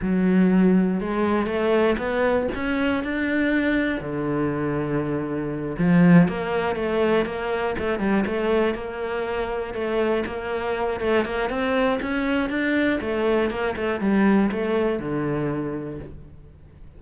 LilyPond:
\new Staff \with { instrumentName = "cello" } { \time 4/4 \tempo 4 = 120 fis2 gis4 a4 | b4 cis'4 d'2 | d2.~ d8 f8~ | f8 ais4 a4 ais4 a8 |
g8 a4 ais2 a8~ | a8 ais4. a8 ais8 c'4 | cis'4 d'4 a4 ais8 a8 | g4 a4 d2 | }